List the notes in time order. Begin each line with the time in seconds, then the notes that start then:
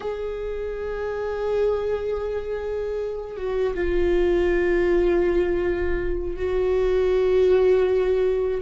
0.00 G#4
3.36 F#4
3.74 F4
6.36 F#4